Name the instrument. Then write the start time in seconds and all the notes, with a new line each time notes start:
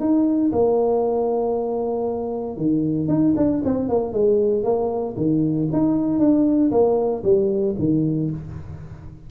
tuba
0.00 D#4
0.52 A#3
2.57 D#3
3.08 D#4
3.36 D4
3.65 C4
3.89 A#3
4.13 G#3
4.63 A#3
5.17 D#3
5.72 D#4
6.19 D4
6.71 A#3
7.24 G3
7.79 D#3